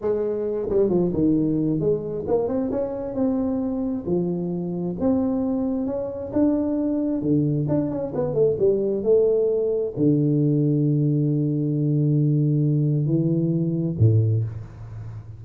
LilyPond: \new Staff \with { instrumentName = "tuba" } { \time 4/4 \tempo 4 = 133 gis4. g8 f8 dis4. | gis4 ais8 c'8 cis'4 c'4~ | c'4 f2 c'4~ | c'4 cis'4 d'2 |
d4 d'8 cis'8 b8 a8 g4 | a2 d2~ | d1~ | d4 e2 a,4 | }